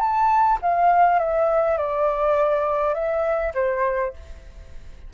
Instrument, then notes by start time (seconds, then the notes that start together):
flute
0.00 A5
0.62 F5
1.19 E5
1.78 D5
2.94 E5
3.55 C5